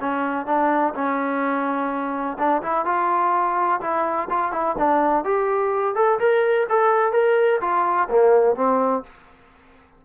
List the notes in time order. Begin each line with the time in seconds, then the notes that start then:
0.00 C#4
0.45 D4
0.94 C#4
2.38 D4
2.62 E4
2.85 F4
3.80 E4
4.29 F4
4.52 E4
4.77 D4
5.24 G4
5.95 A4
6.19 A#4
6.69 A4
7.12 A#4
7.61 F4
8.09 A#3
8.55 C4